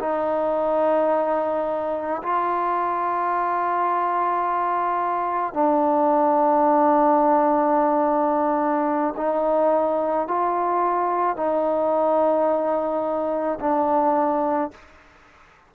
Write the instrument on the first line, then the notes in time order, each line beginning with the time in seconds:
trombone
0.00 D#4
2.23 F4
5.54 D4
9.17 D#4
10.28 F4
11.37 D#4
13.61 D4